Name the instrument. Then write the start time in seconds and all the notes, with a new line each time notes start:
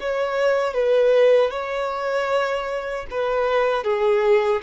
violin
0.00 C#5
0.74 B4
1.51 C#5
3.11 B4
3.84 G#4